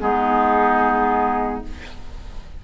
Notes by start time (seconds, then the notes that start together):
0.00 G#3 B3 D#4 G#4